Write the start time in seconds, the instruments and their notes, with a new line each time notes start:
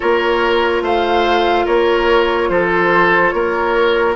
0.00 bassoon A#3, clarinet F4, oboe A#4, flute C#5
0.81 bassoon A3, oboe C5, flute F5
1.65 bassoon A#3, oboe A#4, flute C#5
2.49 bassoon F3, oboe A4, flute C5
3.30 bassoon A#3, oboe A#4, flute C#5